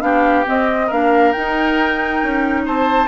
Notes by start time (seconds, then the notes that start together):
0.00 B3 D4 G4 F5
0.44 C4 D#5
0.86 A#3 D4 A#4 F5
1.32 D#4 G5
2.23 C#4
2.65 C4 C5 A5